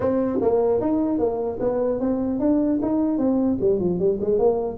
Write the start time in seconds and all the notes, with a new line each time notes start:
0.00 C4
0.41 A#3
0.81 D#4
1.19 A#3
1.60 B3
2.00 C4
2.39 D4
2.81 D#4
3.18 C4
3.60 G3
3.79 F3
3.99 G3
4.21 G#3
4.39 A#3